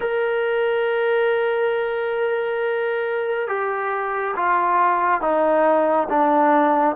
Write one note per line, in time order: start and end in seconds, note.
0.00 3.47 A#4
3.47 4.34 G4
4.36 5.21 F4
5.21 6.08 D#4
6.09 6.96 D4